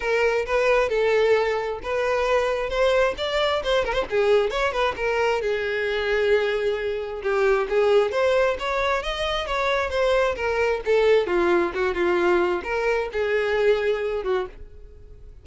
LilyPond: \new Staff \with { instrumentName = "violin" } { \time 4/4 \tempo 4 = 133 ais'4 b'4 a'2 | b'2 c''4 d''4 | c''8 ais'16 c''16 gis'4 cis''8 b'8 ais'4 | gis'1 |
g'4 gis'4 c''4 cis''4 | dis''4 cis''4 c''4 ais'4 | a'4 f'4 fis'8 f'4. | ais'4 gis'2~ gis'8 fis'8 | }